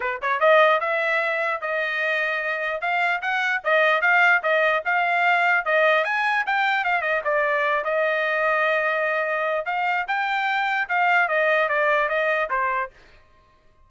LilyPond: \new Staff \with { instrumentName = "trumpet" } { \time 4/4 \tempo 4 = 149 b'8 cis''8 dis''4 e''2 | dis''2. f''4 | fis''4 dis''4 f''4 dis''4 | f''2 dis''4 gis''4 |
g''4 f''8 dis''8 d''4. dis''8~ | dis''1 | f''4 g''2 f''4 | dis''4 d''4 dis''4 c''4 | }